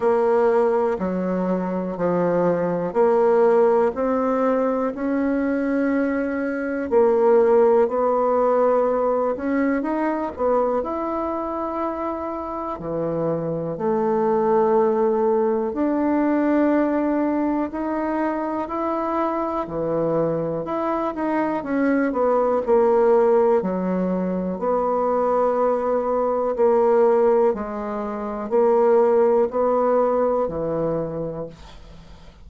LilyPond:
\new Staff \with { instrumentName = "bassoon" } { \time 4/4 \tempo 4 = 61 ais4 fis4 f4 ais4 | c'4 cis'2 ais4 | b4. cis'8 dis'8 b8 e'4~ | e'4 e4 a2 |
d'2 dis'4 e'4 | e4 e'8 dis'8 cis'8 b8 ais4 | fis4 b2 ais4 | gis4 ais4 b4 e4 | }